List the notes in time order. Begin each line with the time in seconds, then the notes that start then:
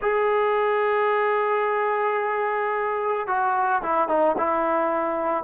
0.01 G#4
3.27 F#4
3.82 E4
4.08 D#4
4.37 E4